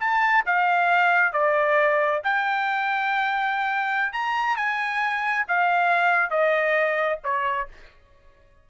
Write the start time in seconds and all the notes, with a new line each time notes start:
0.00 A5
0.46 F5
1.33 D5
2.24 G5
4.13 A#5
4.57 G#5
5.48 F5
6.31 D#5
7.24 C#5